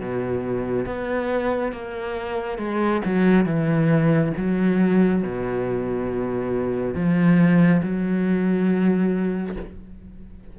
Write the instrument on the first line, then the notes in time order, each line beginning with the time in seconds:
cello
0.00 B2
0.86 B3
1.72 A#3
2.58 G#3
3.05 F#3
3.45 E3
4.37 F#3
5.23 B2
6.95 F3
7.83 F#3